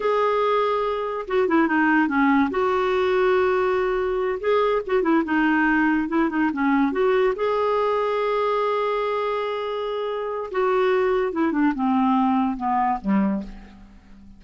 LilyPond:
\new Staff \with { instrumentName = "clarinet" } { \time 4/4 \tempo 4 = 143 gis'2. fis'8 e'8 | dis'4 cis'4 fis'2~ | fis'2~ fis'8 gis'4 fis'8 | e'8 dis'2 e'8 dis'8 cis'8~ |
cis'8 fis'4 gis'2~ gis'8~ | gis'1~ | gis'4 fis'2 e'8 d'8 | c'2 b4 g4 | }